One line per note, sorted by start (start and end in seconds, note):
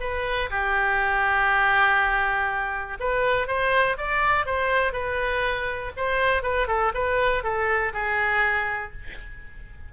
0.00 0.50 B4
0.50 2.98 G4
3.00 3.47 B4
3.47 3.97 C5
3.97 4.45 D5
4.45 4.92 C5
4.92 5.92 B4
5.96 6.42 C5
6.42 6.67 B4
6.67 6.92 A4
6.94 7.43 B4
7.43 7.92 A4
7.93 8.92 G#4